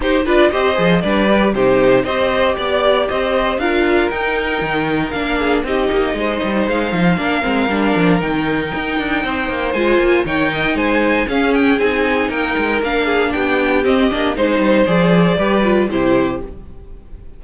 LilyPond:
<<
  \new Staff \with { instrumentName = "violin" } { \time 4/4 \tempo 4 = 117 c''8 d''8 dis''4 d''4 c''4 | dis''4 d''4 dis''4 f''4 | g''2 f''4 dis''4~ | dis''4 f''2. |
g''2. gis''4 | g''4 gis''4 f''8 g''8 gis''4 | g''4 f''4 g''4 dis''4 | c''4 d''2 c''4 | }
  \new Staff \with { instrumentName = "violin" } { \time 4/4 g'8 b'8 c''4 b'4 g'4 | c''4 d''4 c''4 ais'4~ | ais'2~ ais'8 gis'8 g'4 | c''2 ais'2~ |
ais'2 c''2 | cis''8 dis''8 c''4 gis'2 | ais'4. gis'8 g'2 | c''2 b'4 g'4 | }
  \new Staff \with { instrumentName = "viola" } { \time 4/4 dis'8 f'8 g'8 gis'8 d'8 g'8 dis'4 | g'2. f'4 | dis'2 d'4 dis'4~ | dis'2 d'8 c'8 d'4 |
dis'2. f'4 | dis'2 cis'4 dis'4~ | dis'4 d'2 c'8 d'8 | dis'4 gis'4 g'8 f'8 e'4 | }
  \new Staff \with { instrumentName = "cello" } { \time 4/4 dis'8 d'8 c'8 f8 g4 c4 | c'4 b4 c'4 d'4 | dis'4 dis4 ais4 c'8 ais8 | gis8 g8 gis8 f8 ais8 gis8 g8 f8 |
dis4 dis'8 d'8 c'8 ais8 gis8 ais8 | dis4 gis4 cis'4 c'4 | ais8 gis8 ais4 b4 c'8 ais8 | gis8 g8 f4 g4 c4 | }
>>